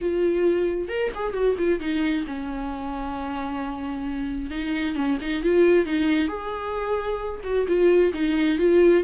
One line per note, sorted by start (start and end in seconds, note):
0.01 0.88 F4
0.88 1.11 A#4
1.14 1.33 G#4
1.33 1.55 F#4
1.57 1.80 F4
1.80 2.25 D#4
2.26 4.50 C#4
4.50 4.95 D#4
4.95 5.18 C#4
5.21 5.43 D#4
5.43 5.85 F4
5.85 6.27 D#4
6.27 7.40 G#4
7.43 7.66 F#4
7.67 8.12 F4
8.13 8.58 D#4
8.58 9.03 F4